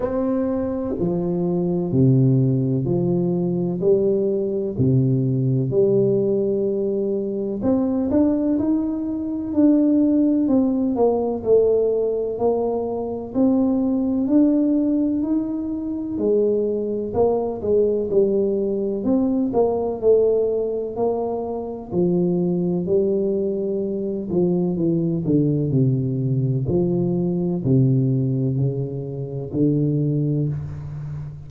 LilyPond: \new Staff \with { instrumentName = "tuba" } { \time 4/4 \tempo 4 = 63 c'4 f4 c4 f4 | g4 c4 g2 | c'8 d'8 dis'4 d'4 c'8 ais8 | a4 ais4 c'4 d'4 |
dis'4 gis4 ais8 gis8 g4 | c'8 ais8 a4 ais4 f4 | g4. f8 e8 d8 c4 | f4 c4 cis4 d4 | }